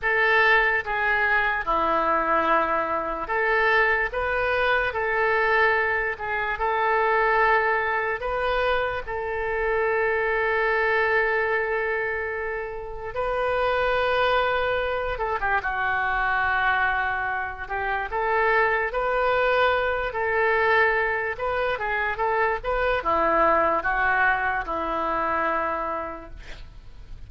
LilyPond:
\new Staff \with { instrumentName = "oboe" } { \time 4/4 \tempo 4 = 73 a'4 gis'4 e'2 | a'4 b'4 a'4. gis'8 | a'2 b'4 a'4~ | a'1 |
b'2~ b'8 a'16 g'16 fis'4~ | fis'4. g'8 a'4 b'4~ | b'8 a'4. b'8 gis'8 a'8 b'8 | e'4 fis'4 e'2 | }